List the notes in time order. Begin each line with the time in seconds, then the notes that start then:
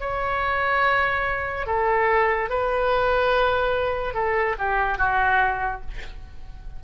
0.00 C#5
1.67 A4
2.50 B4
4.14 A4
4.58 G4
4.98 F#4